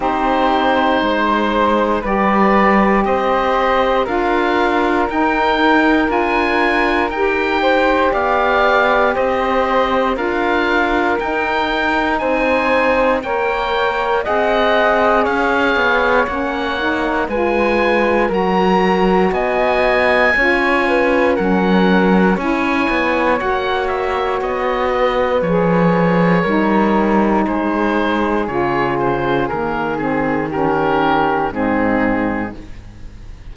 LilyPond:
<<
  \new Staff \with { instrumentName = "oboe" } { \time 4/4 \tempo 4 = 59 c''2 d''4 dis''4 | f''4 g''4 gis''4 g''4 | f''4 dis''4 f''4 g''4 | gis''4 g''4 fis''4 f''4 |
fis''4 gis''4 ais''4 gis''4~ | gis''4 fis''4 gis''4 fis''8 e''8 | dis''4 cis''2 c''4 | cis''8 c''8 ais'8 gis'8 ais'4 gis'4 | }
  \new Staff \with { instrumentName = "flute" } { \time 4/4 g'4 c''4 b'4 c''4 | ais'2.~ ais'8 c''8 | d''4 c''4 ais'2 | c''4 cis''4 dis''4 cis''4~ |
cis''4 b'4 ais'4 dis''4 | cis''8 b'8 ais'4 cis''2~ | cis''8 b'4. ais'4 gis'4~ | gis'2 g'4 dis'4 | }
  \new Staff \with { instrumentName = "saxophone" } { \time 4/4 dis'2 g'2 | f'4 dis'4 f'4 g'4~ | g'2 f'4 dis'4~ | dis'4 ais'4 gis'2 |
cis'8 dis'8 f'4 fis'2 | f'4 cis'4 e'4 fis'4~ | fis'4 gis'4 dis'2 | f'4 ais8 c'8 cis'4 c'4 | }
  \new Staff \with { instrumentName = "cello" } { \time 4/4 c'4 gis4 g4 c'4 | d'4 dis'4 d'4 dis'4 | b4 c'4 d'4 dis'4 | c'4 ais4 c'4 cis'8 b8 |
ais4 gis4 fis4 b4 | cis'4 fis4 cis'8 b8 ais4 | b4 f4 g4 gis4 | cis4 dis2 gis,4 | }
>>